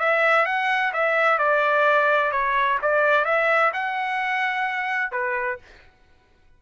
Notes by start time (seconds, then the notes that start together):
0.00 E5
0.46 F#5
0.93 E5
1.39 D5
2.32 C#5
2.82 D5
3.25 E5
3.73 F#5
5.12 B4